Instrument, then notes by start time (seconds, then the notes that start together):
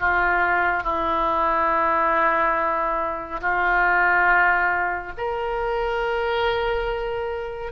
oboe
0.00 F4
0.83 E4
3.41 F4
5.17 A#4